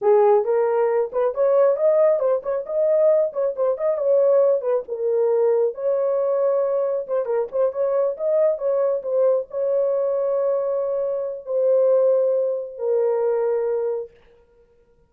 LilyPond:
\new Staff \with { instrumentName = "horn" } { \time 4/4 \tempo 4 = 136 gis'4 ais'4. b'8 cis''4 | dis''4 c''8 cis''8 dis''4. cis''8 | c''8 dis''8 cis''4. b'8 ais'4~ | ais'4 cis''2. |
c''8 ais'8 c''8 cis''4 dis''4 cis''8~ | cis''8 c''4 cis''2~ cis''8~ | cis''2 c''2~ | c''4 ais'2. | }